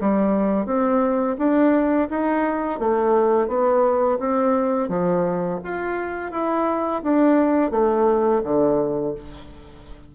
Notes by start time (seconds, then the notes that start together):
0.00 G3
0.65 C4
1.38 D4
2.09 D#4
2.79 A3
3.47 B3
4.18 C4
4.88 F3
5.63 F4
6.31 E4
7.03 D4
7.71 A3
8.44 D3